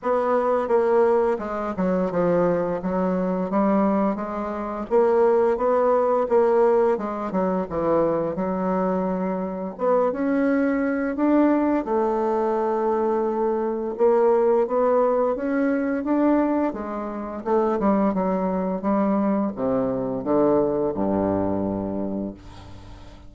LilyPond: \new Staff \with { instrumentName = "bassoon" } { \time 4/4 \tempo 4 = 86 b4 ais4 gis8 fis8 f4 | fis4 g4 gis4 ais4 | b4 ais4 gis8 fis8 e4 | fis2 b8 cis'4. |
d'4 a2. | ais4 b4 cis'4 d'4 | gis4 a8 g8 fis4 g4 | c4 d4 g,2 | }